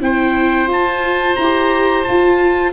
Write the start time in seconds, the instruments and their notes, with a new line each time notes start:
0.00 tuba C4, viola E4, oboe C5, trumpet G5
0.66 tuba F4, viola F4, trumpet A5
1.35 tuba E4, trumpet A#5
1.41 viola G4
2.03 viola F4, tuba F4, trumpet A5